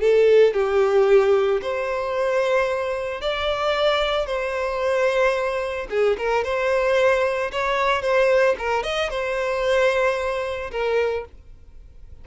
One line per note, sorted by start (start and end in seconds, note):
0.00 0.53 A4
0.53 1.60 G4
1.61 3.21 C5
3.21 4.26 D5
4.26 5.87 C5
5.90 6.17 G#4
6.18 6.44 A#4
6.44 7.51 C5
7.51 8.02 C#5
8.02 8.55 C5
8.58 8.83 A#4
8.83 9.10 D#5
9.10 10.70 C5
10.71 11.25 A#4